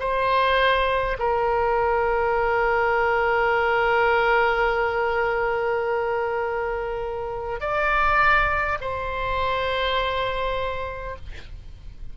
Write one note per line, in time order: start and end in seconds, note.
0.00 1.18 C5
1.19 7.61 A#4
7.61 8.79 D5
8.81 11.17 C5